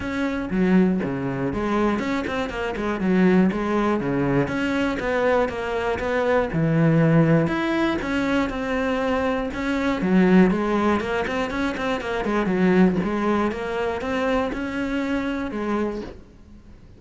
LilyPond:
\new Staff \with { instrumentName = "cello" } { \time 4/4 \tempo 4 = 120 cis'4 fis4 cis4 gis4 | cis'8 c'8 ais8 gis8 fis4 gis4 | cis4 cis'4 b4 ais4 | b4 e2 e'4 |
cis'4 c'2 cis'4 | fis4 gis4 ais8 c'8 cis'8 c'8 | ais8 gis8 fis4 gis4 ais4 | c'4 cis'2 gis4 | }